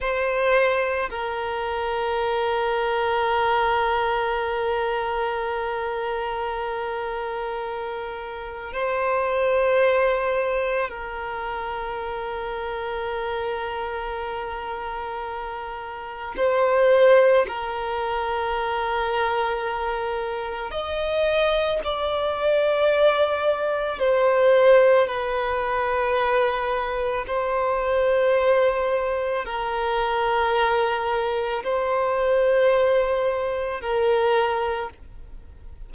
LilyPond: \new Staff \with { instrumentName = "violin" } { \time 4/4 \tempo 4 = 55 c''4 ais'2.~ | ais'1 | c''2 ais'2~ | ais'2. c''4 |
ais'2. dis''4 | d''2 c''4 b'4~ | b'4 c''2 ais'4~ | ais'4 c''2 ais'4 | }